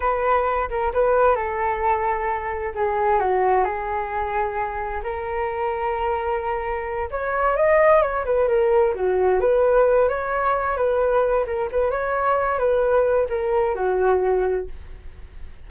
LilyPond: \new Staff \with { instrumentName = "flute" } { \time 4/4 \tempo 4 = 131 b'4. ais'8 b'4 a'4~ | a'2 gis'4 fis'4 | gis'2. ais'4~ | ais'2.~ ais'8 cis''8~ |
cis''8 dis''4 cis''8 b'8 ais'4 fis'8~ | fis'8 b'4. cis''4. b'8~ | b'4 ais'8 b'8 cis''4. b'8~ | b'4 ais'4 fis'2 | }